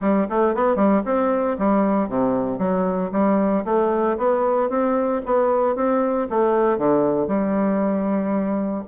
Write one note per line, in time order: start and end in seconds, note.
0.01 0.27 G3
0.29 0.54 A3
0.54 0.75 B3
0.75 1.02 G3
1.05 1.57 C4
1.58 2.08 G3
2.08 2.58 C3
2.58 3.10 F#3
3.12 3.64 G3
3.65 4.17 A3
4.17 4.69 B3
4.69 5.21 C4
5.25 5.75 B3
5.75 6.27 C4
6.30 6.78 A3
6.78 7.27 D3
7.27 8.84 G3